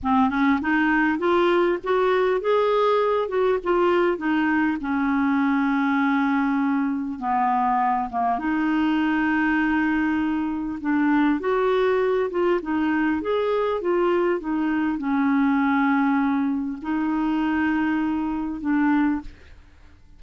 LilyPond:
\new Staff \with { instrumentName = "clarinet" } { \time 4/4 \tempo 4 = 100 c'8 cis'8 dis'4 f'4 fis'4 | gis'4. fis'8 f'4 dis'4 | cis'1 | b4. ais8 dis'2~ |
dis'2 d'4 fis'4~ | fis'8 f'8 dis'4 gis'4 f'4 | dis'4 cis'2. | dis'2. d'4 | }